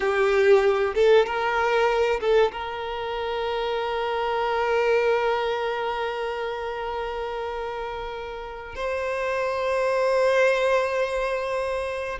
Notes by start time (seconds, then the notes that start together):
0.00 G4
0.94 A4
1.26 A#4
2.20 A4
2.51 A#4
8.75 C5